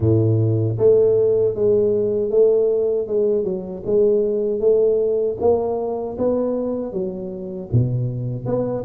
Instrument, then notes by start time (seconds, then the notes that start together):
tuba
0.00 A2
0.78 A3
1.54 G#3
2.30 A3
3.07 G#3
3.44 F#3
3.85 G#3
4.60 A3
5.40 A#3
6.17 B3
6.92 F#3
7.72 B2
8.45 B3